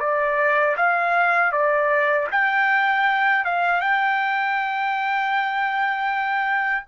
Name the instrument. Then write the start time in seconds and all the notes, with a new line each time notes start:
trumpet
0.00 D5
0.77 F5
1.52 D5
2.32 G5
3.45 F5
3.81 G5